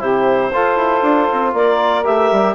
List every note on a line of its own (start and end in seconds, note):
0.00 0.52 C3
0.00 0.51 E4
0.00 0.52 G4
0.00 1.53 C5
0.53 0.76 F4
0.53 2.04 F4
0.53 1.54 A4
0.76 1.01 E4
1.03 1.28 D4
1.32 1.54 C4
1.54 2.04 A#3
1.54 2.56 A#4
1.54 2.05 D5
2.04 2.32 A3
2.04 2.55 G4
2.04 2.56 E5
2.32 2.56 G3